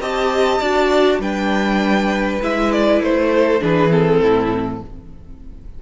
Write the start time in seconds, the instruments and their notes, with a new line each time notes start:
0.00 cello C4, viola G4, violin D#5 A5
0.60 cello D4, viola F#4, violin D5
1.20 cello G3, viola D4, violin B4 G5
2.42 cello G#3, viola E4, violin E5
2.72 violin D5
3.01 cello A3, violin C5
3.34 violin A4
3.60 cello E3, viola D4, violin G#4 B4
3.90 viola C4, violin A4
4.21 cello A2, violin E4